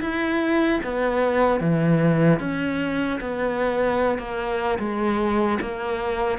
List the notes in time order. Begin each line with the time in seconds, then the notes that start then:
0.00 E4
0.83 B3
1.60 E3
2.39 C#4
3.20 B3
4.18 A#3
4.78 G#3
5.61 A#3